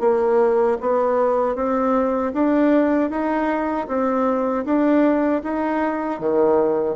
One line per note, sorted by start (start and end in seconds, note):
0.00 0.77 A#3
0.80 1.55 B3
1.55 2.32 C4
2.33 3.10 D4
3.10 3.87 D#4
3.87 4.64 C4
4.64 5.41 D4
5.43 6.20 D#4
6.20 6.95 D#3